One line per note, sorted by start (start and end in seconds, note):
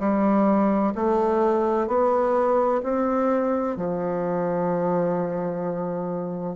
0.00 0.94 G3
0.95 1.88 A3
1.88 2.82 B3
2.83 3.77 C4
3.77 6.56 F3